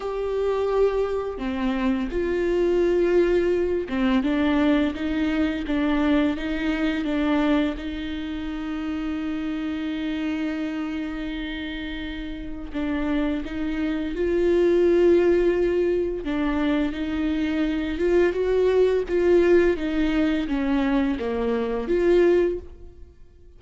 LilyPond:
\new Staff \with { instrumentName = "viola" } { \time 4/4 \tempo 4 = 85 g'2 c'4 f'4~ | f'4. c'8 d'4 dis'4 | d'4 dis'4 d'4 dis'4~ | dis'1~ |
dis'2 d'4 dis'4 | f'2. d'4 | dis'4. f'8 fis'4 f'4 | dis'4 cis'4 ais4 f'4 | }